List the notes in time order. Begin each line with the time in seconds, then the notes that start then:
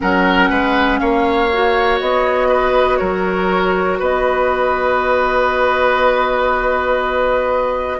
0.00 F#3 C#4 A#4 F#5
0.49 G#3 B4
0.99 A#3 C#5 F5
1.52 F#4
2.00 B3 D#5
2.48 B4
2.96 F#3 A#4 C#5
3.99 B3 B4 D#5